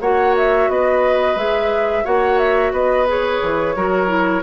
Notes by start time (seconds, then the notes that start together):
0.00 A#3 F#4 C#5 F#5
0.37 E5
0.68 B3 B4 D#5
1.35 G#3 G#4 E5
2.04 A#3 F#4 C#5 F#5
2.38 E5
2.72 B3 B4 D#5
3.07 G#4 C#5
3.42 E3
3.76 F#3 F#4 A#4
4.07 E4